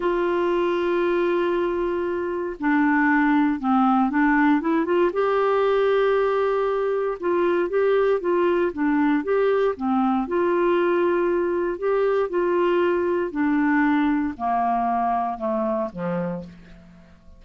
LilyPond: \new Staff \with { instrumentName = "clarinet" } { \time 4/4 \tempo 4 = 117 f'1~ | f'4 d'2 c'4 | d'4 e'8 f'8 g'2~ | g'2 f'4 g'4 |
f'4 d'4 g'4 c'4 | f'2. g'4 | f'2 d'2 | ais2 a4 f4 | }